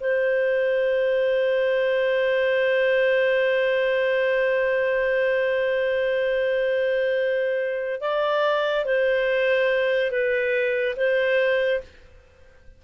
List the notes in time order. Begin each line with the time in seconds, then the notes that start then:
0.00 C5
8.01 D5
8.85 C5
10.11 B4
10.96 C5